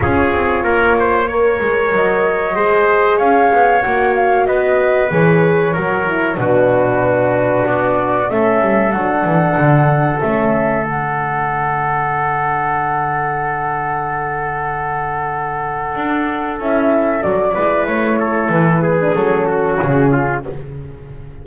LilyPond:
<<
  \new Staff \with { instrumentName = "flute" } { \time 4/4 \tempo 4 = 94 cis''2. dis''4~ | dis''4 f''4 fis''8 f''8 dis''4 | cis''2 b'2 | d''4 e''4 fis''2 |
e''4 fis''2.~ | fis''1~ | fis''2 e''4 d''4 | cis''4 b'4 a'4 gis'4 | }
  \new Staff \with { instrumentName = "trumpet" } { \time 4/4 gis'4 ais'8 c''8 cis''2 | c''4 cis''2 b'4~ | b'4 ais'4 fis'2~ | fis'4 a'2.~ |
a'1~ | a'1~ | a'2.~ a'8 b'8~ | b'8 a'4 gis'4 fis'4 f'8 | }
  \new Staff \with { instrumentName = "horn" } { \time 4/4 f'2 ais'2 | gis'2 fis'2 | gis'4 fis'8 e'8 d'2~ | d'4 cis'4 d'2 |
cis'4 d'2.~ | d'1~ | d'2 e'4 fis'8 e'8~ | e'4.~ e'16 d'16 cis'2 | }
  \new Staff \with { instrumentName = "double bass" } { \time 4/4 cis'8 c'8 ais4. gis8 fis4 | gis4 cis'8 b8 ais4 b4 | e4 fis4 b,2 | b4 a8 g8 fis8 e8 d4 |
a4 d2.~ | d1~ | d4 d'4 cis'4 fis8 gis8 | a4 e4 fis4 cis4 | }
>>